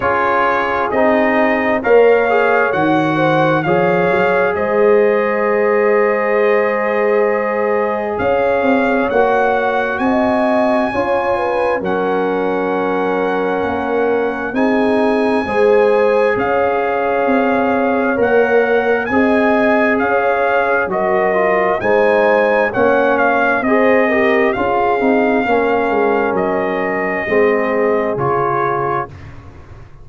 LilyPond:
<<
  \new Staff \with { instrumentName = "trumpet" } { \time 4/4 \tempo 4 = 66 cis''4 dis''4 f''4 fis''4 | f''4 dis''2.~ | dis''4 f''4 fis''4 gis''4~ | gis''4 fis''2. |
gis''2 f''2 | fis''4 gis''4 f''4 dis''4 | gis''4 fis''8 f''8 dis''4 f''4~ | f''4 dis''2 cis''4 | }
  \new Staff \with { instrumentName = "horn" } { \time 4/4 gis'2 cis''4. c''8 | cis''4 c''2.~ | c''4 cis''2 dis''4 | cis''8 b'8 ais'2. |
gis'4 c''4 cis''2~ | cis''4 dis''4 cis''4 ais'4 | c''4 cis''4 c''8 ais'8 gis'4 | ais'2 gis'2 | }
  \new Staff \with { instrumentName = "trombone" } { \time 4/4 f'4 dis'4 ais'8 gis'8 fis'4 | gis'1~ | gis'2 fis'2 | f'4 cis'2. |
dis'4 gis'2. | ais'4 gis'2 fis'8 f'8 | dis'4 cis'4 gis'8 g'8 f'8 dis'8 | cis'2 c'4 f'4 | }
  \new Staff \with { instrumentName = "tuba" } { \time 4/4 cis'4 c'4 ais4 dis4 | f8 fis8 gis2.~ | gis4 cis'8 c'8 ais4 c'4 | cis'4 fis2 ais4 |
c'4 gis4 cis'4 c'4 | ais4 c'4 cis'4 fis4 | gis4 ais4 c'4 cis'8 c'8 | ais8 gis8 fis4 gis4 cis4 | }
>>